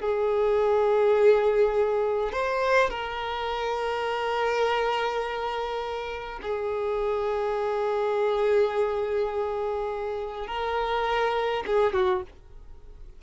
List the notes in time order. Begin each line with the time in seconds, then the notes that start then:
0.00 G#4
2.32 C5
2.90 A#4
6.42 G#4
10.47 A#4
11.67 G#4
11.93 F#4